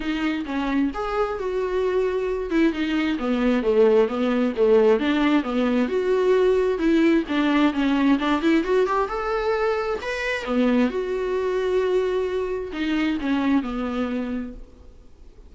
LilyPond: \new Staff \with { instrumentName = "viola" } { \time 4/4 \tempo 4 = 132 dis'4 cis'4 gis'4 fis'4~ | fis'4. e'8 dis'4 b4 | a4 b4 a4 d'4 | b4 fis'2 e'4 |
d'4 cis'4 d'8 e'8 fis'8 g'8 | a'2 b'4 b4 | fis'1 | dis'4 cis'4 b2 | }